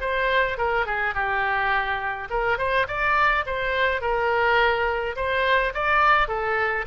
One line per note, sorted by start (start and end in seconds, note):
0.00 0.57 C5
0.57 0.85 A#4
0.85 1.14 G#4
1.14 2.28 G4
2.30 2.58 A#4
2.58 2.86 C5
2.87 3.44 D5
3.45 4.01 C5
4.01 5.15 A#4
5.16 5.73 C5
5.74 6.28 D5
6.28 6.85 A4